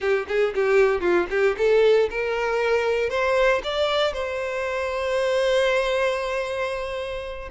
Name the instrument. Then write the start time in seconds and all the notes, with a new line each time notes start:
violin
0.00 G4
0.28 G#4
0.54 G4
1.00 F4
1.30 G4
1.57 A4
2.10 A#4
3.09 C5
3.63 D5
4.13 C5